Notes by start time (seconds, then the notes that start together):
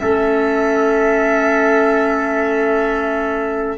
0.00 A3 C#4 A4 E5